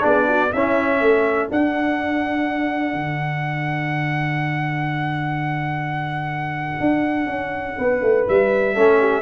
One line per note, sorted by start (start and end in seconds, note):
0.00 0.53 B3
0.00 0.48 D4
0.00 0.26 G#4
0.00 0.53 D5
0.28 0.52 F#4
0.52 1.01 C#4
0.52 1.49 C#4
0.52 1.01 E4
0.52 1.50 E5
1.01 1.49 A3
1.01 7.78 A4
1.49 8.75 D4
1.49 2.94 D4
1.49 8.28 F#5
2.94 6.80 D3
6.80 7.26 D4
7.26 7.74 C#4
7.78 8.02 B3
7.78 8.75 B4
8.02 8.26 A3
8.28 8.77 G3
8.28 9.22 E5
8.75 9.22 A3
8.75 9.22 C#4
8.75 8.99 A4
9.00 9.22 G4